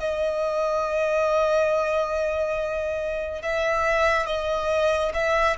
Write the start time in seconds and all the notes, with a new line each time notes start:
0.00 D#5
3.42 E5
4.27 D#5
5.14 E5